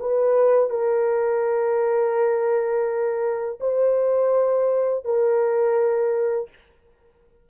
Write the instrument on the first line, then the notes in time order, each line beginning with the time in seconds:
horn
0.00 B4
0.70 A#4
3.61 C5
5.05 A#4